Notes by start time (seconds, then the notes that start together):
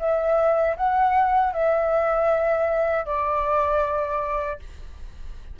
0.00 E5
0.77 F#5
1.53 E5
3.06 D5